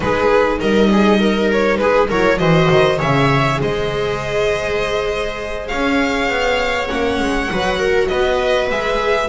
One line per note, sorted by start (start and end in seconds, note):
0.00 0.60 G#3
0.00 2.09 D#4
0.00 0.60 G#4
0.00 0.58 B4
0.60 1.79 G3
0.60 0.90 A#4
0.60 1.51 D#5
0.92 1.19 G#4
1.19 1.79 A#4
1.52 1.77 C#5
1.77 2.09 G#3
1.77 2.09 G#4
1.77 2.07 B4
2.09 2.39 F#3
2.09 2.38 E4
2.09 2.39 A#4
2.09 2.38 C#5
2.38 2.69 E3
2.38 2.98 F#4
2.38 2.98 C5
2.38 2.98 D#5
2.71 3.00 D#3
2.98 3.60 C#3
2.98 6.88 G#4
2.98 3.58 C#5
2.98 3.61 E5
3.60 5.71 G#3
3.60 5.69 C5
3.60 5.67 D#5
5.67 6.28 C#4
5.67 7.49 C#5
5.67 6.87 F5
6.28 6.88 B3
6.88 7.19 A#3
6.88 7.48 C#4
6.88 8.07 F#5
7.19 7.49 G#3
7.51 8.11 F#3
7.51 8.71 F#4
7.51 7.79 B4
7.79 8.09 A#4
8.07 8.70 B3
8.07 9.29 B4
8.07 8.67 D#5
8.70 9.29 G#3
8.70 9.29 G#4
8.70 9.29 E5